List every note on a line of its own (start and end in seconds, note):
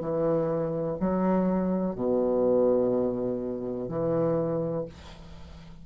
0.00 0.97 E3
0.99 1.95 F#3
1.95 3.88 B2
3.88 4.85 E3